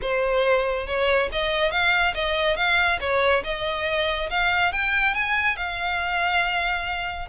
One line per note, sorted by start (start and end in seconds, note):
0.01 0.86 C5
0.86 1.29 C#5
1.32 1.71 D#5
1.71 2.14 F5
2.14 2.56 D#5
2.56 2.99 F5
3.00 3.43 C#5
3.44 4.29 D#5
4.30 4.72 F5
4.72 5.14 G5
5.14 5.56 G#5
5.56 7.28 F5